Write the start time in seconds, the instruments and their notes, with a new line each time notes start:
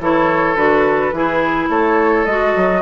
0.00 bassoon E3, clarinet E4, oboe A4, flute C#5
0.56 bassoon D3, clarinet F#4, flute B4
1.12 bassoon E3, clarinet E4, oboe G#4
1.69 bassoon A3, oboe A4, flute C#5
2.25 bassoon G#3, clarinet F#4, flute D#5
2.56 bassoon F#3